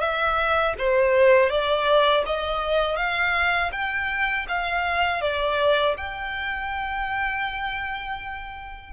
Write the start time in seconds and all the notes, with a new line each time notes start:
0.00 E5
0.79 C5
1.50 D5
2.26 D#5
2.97 F5
3.72 G5
4.48 F5
5.21 D5
5.97 G5